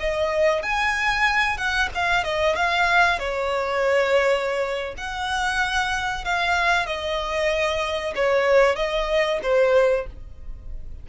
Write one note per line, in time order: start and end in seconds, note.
0.00 0.63 D#5
0.63 1.58 G#5
1.58 1.89 F#5
1.95 2.24 F5
2.24 2.56 D#5
2.56 3.19 F5
3.19 4.95 C#5
4.98 6.25 F#5
6.25 6.86 F5
6.86 8.14 D#5
8.16 8.76 C#5
8.76 9.40 D#5
9.43 10.07 C5